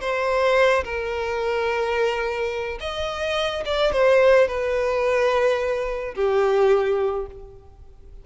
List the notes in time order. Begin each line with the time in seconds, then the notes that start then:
0.00 C5
0.84 A#4
2.80 D#5
3.65 D5
3.92 C5
4.47 B4
6.15 G4